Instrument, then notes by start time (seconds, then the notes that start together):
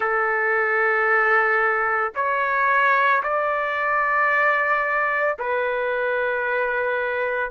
trumpet
0.00 A4
2.15 C#5
3.22 D5
5.39 B4